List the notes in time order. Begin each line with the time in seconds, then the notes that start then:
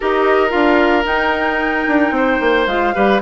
0.00 D#4 G4 A#4 D#5
0.49 D4 F4 F5
1.05 D#4 G5
1.87 D4
2.11 C4 C5
2.40 A#3
2.66 G#3 F4 F5
2.93 G3 G4 B4